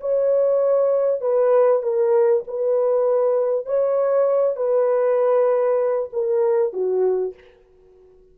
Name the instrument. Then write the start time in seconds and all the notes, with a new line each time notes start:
horn
0.00 C#5
1.21 B4
1.82 A#4
2.47 B4
3.66 C#5
4.56 B4
6.13 A#4
6.73 F#4